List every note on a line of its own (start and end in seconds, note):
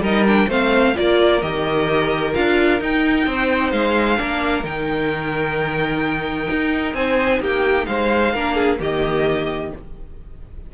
0.00 0.46 G3
0.00 0.25 D#4
0.00 0.48 A#4
0.00 0.26 D#5
0.25 0.49 D4
0.25 0.50 G5
0.48 0.94 A3
0.48 0.94 C4
0.48 0.94 C5
0.48 0.96 F5
0.94 1.42 A#3
0.94 1.40 F4
0.94 3.27 A#4
0.94 1.41 D5
1.41 2.34 D#3
1.41 2.34 G4
1.41 2.34 D#5
2.34 2.80 D4
2.34 2.80 F4
2.34 2.80 F5
2.80 4.16 D#4
2.80 3.26 D#4
2.80 3.71 G5
3.26 3.72 C4
3.26 4.19 C5
3.71 4.18 G#3
3.71 4.63 F5
4.16 4.63 A#3
4.16 4.62 D4
4.16 6.96 A#4
4.63 6.48 D#3
4.63 8.34 D#4
4.63 6.94 G5
6.50 6.94 D#4
6.94 7.40 C4
6.94 7.41 C5
6.94 7.40 G#5
7.40 7.86 A#3
7.40 7.87 G4
7.40 7.85 G5
7.85 8.34 G#3
7.85 8.34 C5
7.85 8.78 F5
8.34 8.80 A#3
8.34 8.78 D4
8.34 8.55 A#4
8.55 8.78 G#4
8.78 9.72 D#3
8.78 9.70 A#3
8.78 9.72 G4
8.78 9.74 D#5